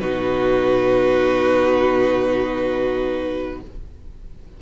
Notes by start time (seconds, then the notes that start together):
0.00 B2 D#4 F#4 B4